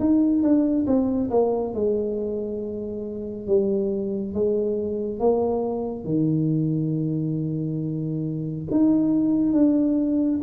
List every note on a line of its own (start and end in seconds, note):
0.00 0.43 D#4
0.43 0.87 D4
0.87 1.30 C4
1.31 1.74 A#3
1.74 3.47 G#3
3.47 4.34 G3
4.34 5.20 G#3
5.20 6.05 A#3
6.05 8.66 D#3
8.71 9.53 D#4
9.53 10.40 D4